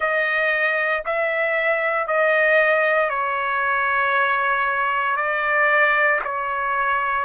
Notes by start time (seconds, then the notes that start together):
0.00 D#5
1.05 E5
2.07 D#5
3.09 C#5
5.16 D5
6.24 C#5